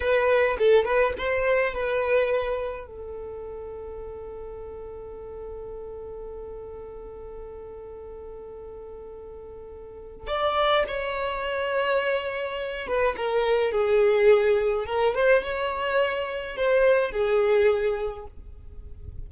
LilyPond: \new Staff \with { instrumentName = "violin" } { \time 4/4 \tempo 4 = 105 b'4 a'8 b'8 c''4 b'4~ | b'4 a'2.~ | a'1~ | a'1~ |
a'2 d''4 cis''4~ | cis''2~ cis''8 b'8 ais'4 | gis'2 ais'8 c''8 cis''4~ | cis''4 c''4 gis'2 | }